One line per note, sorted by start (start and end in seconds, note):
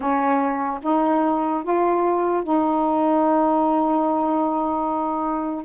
0.00 0.80 C#4
0.82 1.63 D#4
1.63 2.43 F4
2.43 5.65 D#4